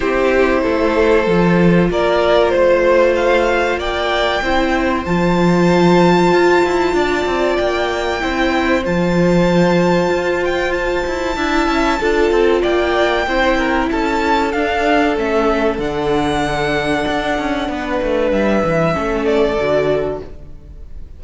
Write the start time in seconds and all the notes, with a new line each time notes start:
0.00 C4 E4 G4 C5
0.62 A3 A4
1.27 F3 F4
1.89 A#3 A#4 D5
2.49 A3 C5
3.15 F5
3.77 A#3 D5 G5
4.41 C4 E4 C5
5.05 F3 F4 A5
6.32 F4
6.64 E4
6.93 D4 D5
7.25 C4
7.57 A#3 G5
8.20 C4 E4 C5
8.84 F3 F4 A5
10.09 F4
10.44 G5
10.72 A5
11.06 E4
11.36 D4 E4 E5
11.67 C#4
12.00 D4 F4 A4
12.31 C4
12.62 A#3 D5 G5
13.27 C4 E4 C5
13.57 A#4
13.91 C#4 A4 A5
14.52 D4 F5
15.16 A3 C#4 E5
15.78 D3 D4 F#5
17.07 D4
17.38 C#4
17.68 B3 B4
18.02 A3
18.31 G3 E5
18.64 E3
18.92 A3 C#4 A4
19.25 D5
19.57 D3 F#4